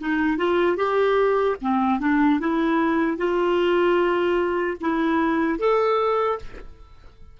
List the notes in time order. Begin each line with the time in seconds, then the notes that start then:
0.00 D#4
0.37 F4
0.77 G4
1.62 C4
2.00 D4
2.40 E4
3.18 F4
4.81 E4
5.59 A4